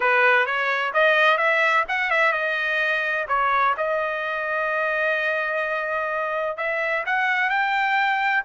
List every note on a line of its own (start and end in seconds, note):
0.00 0.46 B4
0.46 0.92 C#5
0.93 1.37 D#5
1.37 1.84 E5
1.88 2.10 F#5
2.10 2.32 E5
2.32 3.26 D#5
3.27 3.74 C#5
3.77 6.57 D#5
6.57 7.04 E5
7.05 7.49 F#5
7.49 8.43 G5